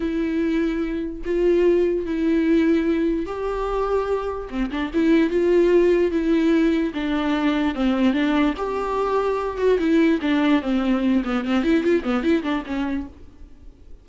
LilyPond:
\new Staff \with { instrumentName = "viola" } { \time 4/4 \tempo 4 = 147 e'2. f'4~ | f'4 e'2. | g'2. c'8 d'8 | e'4 f'2 e'4~ |
e'4 d'2 c'4 | d'4 g'2~ g'8 fis'8 | e'4 d'4 c'4. b8 | c'8 e'8 f'8 b8 e'8 d'8 cis'4 | }